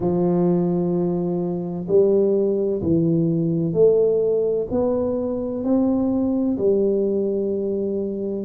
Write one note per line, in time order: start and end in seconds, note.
0.00 1.87 F3
1.87 2.81 G3
2.81 3.73 E3
3.73 4.67 A3
4.70 5.63 B3
5.63 6.57 C4
6.58 8.45 G3